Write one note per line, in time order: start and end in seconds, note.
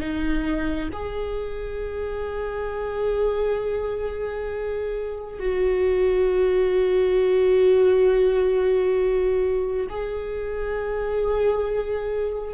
0.00 0.90 D#4
0.93 5.40 G#4
5.40 9.88 F#4
9.90 12.54 G#4